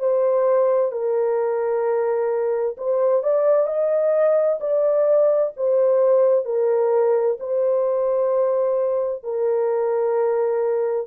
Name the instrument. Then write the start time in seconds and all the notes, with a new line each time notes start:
horn
0.00 C5
0.92 A#4
2.77 C5
3.23 D5
3.67 D#5
4.61 D5
5.57 C5
6.45 A#4
7.40 C5
9.23 A#4